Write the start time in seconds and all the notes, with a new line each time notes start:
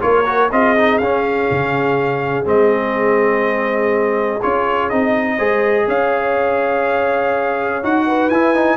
0.00 A#3 F4 A#4 C#5
0.25 F#4
0.52 C4 F4 G#4 D#5
0.77 D#4
0.98 C#4 F5
1.51 C#3
2.45 G#3 C4 D#5
4.42 C#4 F4 C#5
4.90 C4 D#4 D#5
5.36 G#3 G#4 C5
5.87 C#4 C#5 F5
7.83 D#4 F#4 F#5
8.06 B4
8.29 E4 G#5
8.55 D#4